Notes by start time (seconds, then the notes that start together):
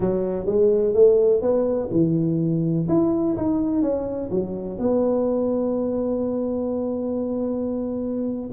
0.00 F#3
0.45 G#3
0.94 A3
1.41 B3
1.91 E3
2.88 E4
3.36 D#4
3.81 C#4
4.30 F#3
4.78 B3